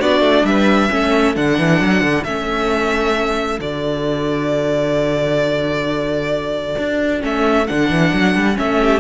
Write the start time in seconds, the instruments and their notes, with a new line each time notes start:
0.00 cello B3, viola D4, violin F#4 D5
0.20 cello A3
0.44 cello G3, violin B4 E5
0.90 cello A3, viola C#4, violin A4
1.35 cello D3, viola D4, violin F#5
1.58 cello E3
1.81 cello F#3
2.01 cello D3
2.24 cello A3, viola C#4, violin E5
3.59 cello D3, viola F#4, violin D5
6.78 cello D4
7.20 cello A3, viola C#4, violin E5
7.67 cello D3, viola D4, violin F#5
7.90 cello E3
8.14 cello F#3
8.36 cello G3
8.55 cello A3, viola C#4, violin E5
8.81 violin G4